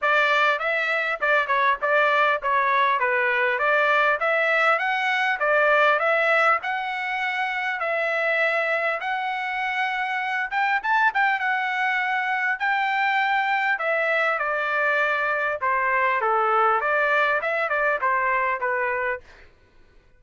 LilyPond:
\new Staff \with { instrumentName = "trumpet" } { \time 4/4 \tempo 4 = 100 d''4 e''4 d''8 cis''8 d''4 | cis''4 b'4 d''4 e''4 | fis''4 d''4 e''4 fis''4~ | fis''4 e''2 fis''4~ |
fis''4. g''8 a''8 g''8 fis''4~ | fis''4 g''2 e''4 | d''2 c''4 a'4 | d''4 e''8 d''8 c''4 b'4 | }